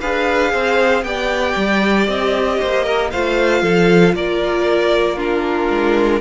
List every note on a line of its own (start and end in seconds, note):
0.00 0.53 D4
0.00 1.05 G#4
0.00 0.52 B4
0.00 1.03 F5
0.52 1.03 C4
0.52 1.04 C5
1.03 1.55 B3
1.03 3.11 G4
1.03 2.59 D5
1.03 2.06 G5
1.56 2.08 G3
2.08 2.59 C4
2.08 3.11 D#5
2.59 3.13 A#3
2.59 2.84 C5
2.84 3.09 A#4
3.11 3.62 A3
3.11 5.17 F4
3.11 3.62 C5
3.11 4.14 F5
3.62 4.14 F3
3.62 4.14 A4
4.14 5.69 A#3
4.14 5.16 A#4
4.14 5.19 D5
5.16 6.20 D4
5.16 6.20 F4
5.16 6.21 A#4
5.69 6.21 G#3